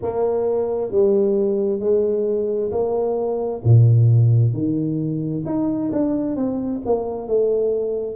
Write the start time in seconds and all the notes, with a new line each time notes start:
0.02 A#3
0.91 G3
1.79 G#3
2.71 A#3
3.64 A#2
4.52 D#3
5.45 D#4
5.92 D4
6.36 C4
6.85 A#3
7.27 A3